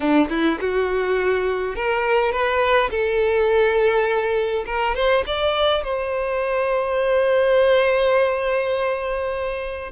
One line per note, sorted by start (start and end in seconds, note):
0.00 0.28 D4
0.29 0.58 E4
0.60 1.75 F#4
1.75 2.31 A#4
2.31 2.90 B4
2.90 4.64 A4
4.66 4.95 A#4
4.95 5.24 C5
5.26 5.83 D5
5.83 9.91 C5